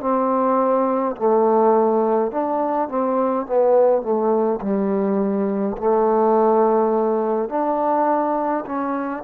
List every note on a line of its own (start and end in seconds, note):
0.00 1.15 C4
1.16 2.31 A3
2.31 2.88 D4
2.88 3.46 C4
3.46 4.02 B3
4.02 4.59 A3
4.61 5.76 G3
5.77 7.49 A3
7.49 8.64 D4
8.65 9.23 C#4